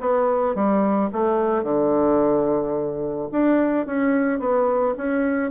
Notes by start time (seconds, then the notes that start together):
0.00 B3
0.55 G3
1.13 A3
1.63 D3
3.32 D4
3.86 C#4
4.39 B3
4.97 C#4